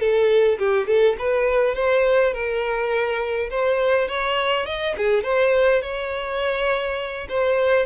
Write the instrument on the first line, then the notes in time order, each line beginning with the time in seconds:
violin
0.00 A4
0.59 G4
0.87 A4
1.18 B4
1.75 C5
2.33 A#4
3.50 C5
4.08 C#5
4.66 D#5
4.97 G#4
5.23 C5
5.82 C#5
7.29 C5